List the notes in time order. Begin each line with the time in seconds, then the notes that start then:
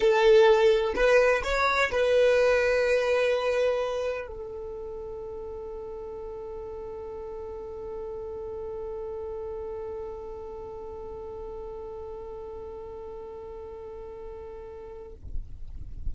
0.00 A4
0.95 B4
1.43 C#5
1.91 B4
4.27 A4